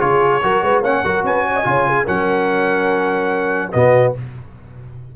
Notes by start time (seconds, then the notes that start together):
0.00 C#3 F4 G#4 C#5
0.42 F#3 F#4 A#4
0.62 G#3 B4
0.81 A#3 C#4 C#5 F#5
1.04 F#3 F#4 A#4
1.23 C#4 B4 G#5
1.48 C#5
1.56 D#5
1.64 C#3 F4 C#5
1.87 G#4
2.05 F#3 C#4 A#4 F#5
3.72 B2 B3 F#4 D#5